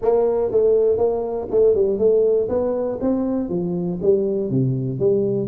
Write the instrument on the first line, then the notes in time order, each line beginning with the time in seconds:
tuba
0.01 A#3
0.51 A3
0.97 A#3
1.50 A3
1.75 G3
1.98 A3
2.49 B3
3.00 C4
3.49 F3
4.02 G3
4.50 C3
4.99 G3